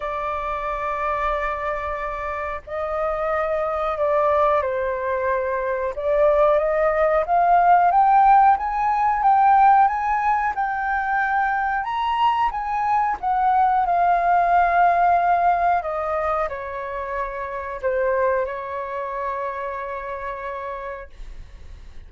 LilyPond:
\new Staff \with { instrumentName = "flute" } { \time 4/4 \tempo 4 = 91 d''1 | dis''2 d''4 c''4~ | c''4 d''4 dis''4 f''4 | g''4 gis''4 g''4 gis''4 |
g''2 ais''4 gis''4 | fis''4 f''2. | dis''4 cis''2 c''4 | cis''1 | }